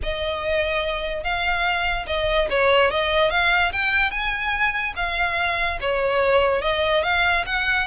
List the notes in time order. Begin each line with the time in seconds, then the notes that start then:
0.02 D#5
1.23 F5
2.06 D#5
2.50 C#5
2.90 D#5
3.30 F5
3.72 G5
4.10 G#5
4.95 F5
5.80 C#5
6.61 D#5
7.03 F5
7.46 F#5